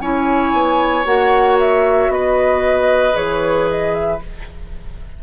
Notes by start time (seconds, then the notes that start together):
0.00 C#4 E4 C#5 G#5
0.53 B3
1.05 A#3 F#4 F#5
1.59 E5
2.09 B3 B4 D#5
3.14 E3 G#4 C#5
3.71 D#5
3.94 E5